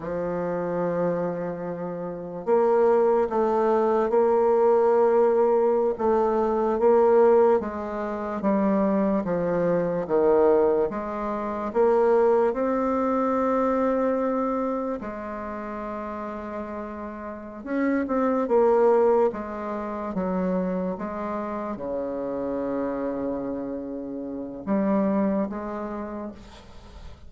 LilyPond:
\new Staff \with { instrumentName = "bassoon" } { \time 4/4 \tempo 4 = 73 f2. ais4 | a4 ais2~ ais16 a8.~ | a16 ais4 gis4 g4 f8.~ | f16 dis4 gis4 ais4 c'8.~ |
c'2~ c'16 gis4.~ gis16~ | gis4. cis'8 c'8 ais4 gis8~ | gis8 fis4 gis4 cis4.~ | cis2 g4 gis4 | }